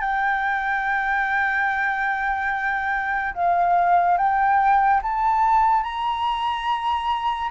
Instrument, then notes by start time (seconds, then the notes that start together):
flute
0.00 G5
3.34 F5
4.17 G5
5.02 A5
5.83 A#5